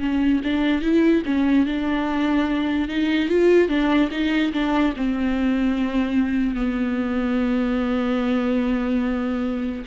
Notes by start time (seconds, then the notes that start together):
0.00 C#4
0.44 D4
0.82 E4
1.26 C#4
1.66 D4
2.88 D#4
3.29 F4
3.68 D4
4.11 D#4
4.53 D4
4.97 C4
6.55 B3